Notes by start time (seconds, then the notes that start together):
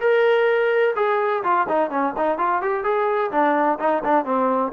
0.00 A#4
0.96 G#4
1.43 F4
1.68 D#4
1.90 C#4
2.17 D#4
2.38 F4
2.62 G4
2.84 G#4
3.31 D4
3.79 D#4
4.04 D4
4.25 C4